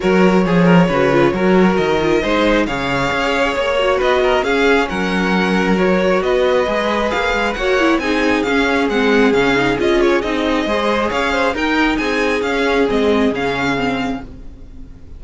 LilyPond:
<<
  \new Staff \with { instrumentName = "violin" } { \time 4/4 \tempo 4 = 135 cis''1 | dis''2 f''2 | cis''4 dis''4 f''4 fis''4~ | fis''4 cis''4 dis''2 |
f''4 fis''4 gis''4 f''4 | fis''4 f''4 dis''8 cis''8 dis''4~ | dis''4 f''4 g''4 gis''4 | f''4 dis''4 f''2 | }
  \new Staff \with { instrumentName = "violin" } { \time 4/4 ais'4 gis'8 ais'8 b'4 ais'4~ | ais'4 c''4 cis''2~ | cis''4 b'8 ais'8 gis'4 ais'4~ | ais'2 b'2~ |
b'4 cis''4 gis'2~ | gis'1 | c''4 cis''8 c''8 ais'4 gis'4~ | gis'1 | }
  \new Staff \with { instrumentName = "viola" } { \time 4/4 fis'4 gis'4 fis'8 f'8 fis'4~ | fis'8 f'8 dis'4 gis'2~ | gis'8 fis'4. cis'2~ | cis'4 fis'2 gis'4~ |
gis'4 fis'8 e'8 dis'4 cis'4 | c'4 cis'8 dis'8 f'4 dis'4 | gis'2 dis'2 | cis'4 c'4 cis'4 c'4 | }
  \new Staff \with { instrumentName = "cello" } { \time 4/4 fis4 f4 cis4 fis4 | dis4 gis4 cis4 cis'4 | ais4 b4 cis'4 fis4~ | fis2 b4 gis4 |
ais8 gis8 ais4 c'4 cis'4 | gis4 cis4 cis'4 c'4 | gis4 cis'4 dis'4 c'4 | cis'4 gis4 cis2 | }
>>